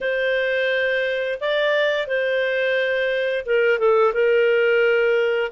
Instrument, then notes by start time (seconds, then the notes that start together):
clarinet
0.00 C5
1.40 D5
2.07 C5
3.45 A#4
3.78 A4
4.13 A#4